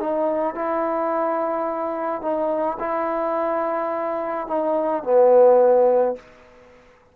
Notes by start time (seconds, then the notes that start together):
0.00 D#4
0.55 E4
2.22 D#4
2.80 E4
4.48 D#4
5.04 B3